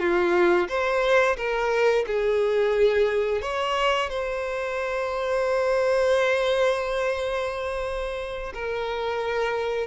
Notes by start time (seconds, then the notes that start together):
0.00 F4
0.68 C5
1.37 A#4
2.07 G#4
3.42 C#5
4.10 C5
8.54 A#4